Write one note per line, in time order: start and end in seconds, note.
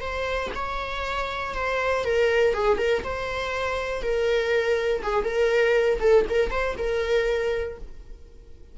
0.00 0.50 C5
0.55 1.54 C#5
1.54 2.04 C5
2.04 2.53 A#4
2.53 2.77 G#4
2.77 3.02 A#4
3.03 4.02 C5
4.02 5.02 A#4
5.02 5.24 G#4
5.24 5.99 A#4
6.00 6.25 A4
6.29 6.50 A#4
6.50 6.75 C5
6.77 7.77 A#4